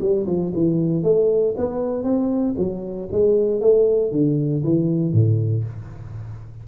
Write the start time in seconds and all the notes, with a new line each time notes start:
0.00 G3
0.26 F3
0.54 E3
1.03 A3
1.57 B3
2.03 C4
2.57 F#3
3.11 G#3
3.61 A3
4.11 D3
4.63 E3
5.12 A2